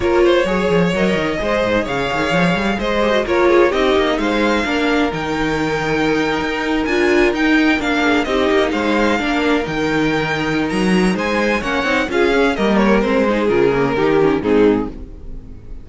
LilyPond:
<<
  \new Staff \with { instrumentName = "violin" } { \time 4/4 \tempo 4 = 129 cis''2 dis''2 | f''2 dis''4 cis''4 | dis''4 f''2 g''4~ | g''2~ g''8. gis''4 g''16~ |
g''8. f''4 dis''4 f''4~ f''16~ | f''8. g''2~ g''16 ais''4 | gis''4 fis''4 f''4 dis''8 cis''8 | c''4 ais'2 gis'4 | }
  \new Staff \with { instrumentName = "violin" } { \time 4/4 ais'8 c''8 cis''2 c''4 | cis''2 c''4 ais'8 gis'8 | g'4 c''4 ais'2~ | ais'1~ |
ais'4~ ais'16 gis'8 g'4 c''4 ais'16~ | ais'1 | c''4 cis''4 gis'4 ais'4~ | ais'8 gis'4. g'4 dis'4 | }
  \new Staff \with { instrumentName = "viola" } { \time 4/4 f'4 gis'4 ais'4 gis'4~ | gis'2~ gis'8 g'16 fis'16 f'4 | dis'2 d'4 dis'4~ | dis'2~ dis'8. f'4 dis'16~ |
dis'8. d'4 dis'2 d'16~ | d'8. dis'2.~ dis'16~ | dis'4 cis'8 dis'8 f'8 cis'8 ais4 | c'8 dis'8 f'8 ais8 dis'8 cis'8 c'4 | }
  \new Staff \with { instrumentName = "cello" } { \time 4/4 ais4 fis8 f8 fis8 dis8 gis8 gis,8 | cis8 dis8 f8 g8 gis4 ais4 | c'8 ais8 gis4 ais4 dis4~ | dis4.~ dis16 dis'4 d'4 dis'16~ |
dis'8. ais4 c'8 ais8 gis4 ais16~ | ais8. dis2~ dis16 fis4 | gis4 ais8 c'8 cis'4 g4 | gis4 cis4 dis4 gis,4 | }
>>